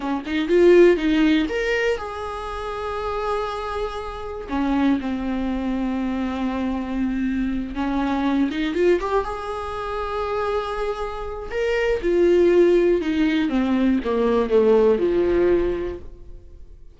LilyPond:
\new Staff \with { instrumentName = "viola" } { \time 4/4 \tempo 4 = 120 cis'8 dis'8 f'4 dis'4 ais'4 | gis'1~ | gis'4 cis'4 c'2~ | c'2.~ c'8 cis'8~ |
cis'4 dis'8 f'8 g'8 gis'4.~ | gis'2. ais'4 | f'2 dis'4 c'4 | ais4 a4 f2 | }